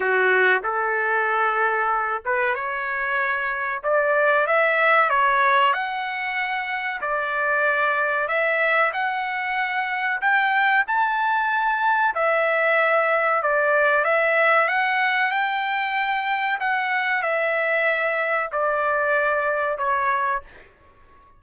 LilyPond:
\new Staff \with { instrumentName = "trumpet" } { \time 4/4 \tempo 4 = 94 fis'4 a'2~ a'8 b'8 | cis''2 d''4 e''4 | cis''4 fis''2 d''4~ | d''4 e''4 fis''2 |
g''4 a''2 e''4~ | e''4 d''4 e''4 fis''4 | g''2 fis''4 e''4~ | e''4 d''2 cis''4 | }